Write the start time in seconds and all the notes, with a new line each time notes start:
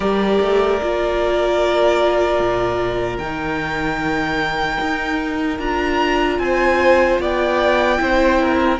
0.00 G3 G4 A#4 D5
0.40 A3
0.82 A#3 F4
2.39 A#2
3.18 D#3 D#4 G5
4.80 D#4
5.58 D4 F4 A#5
6.39 C4 C5 G#5
7.19 B3 D5 G5
7.98 C4 E4 C5
8.41 A#4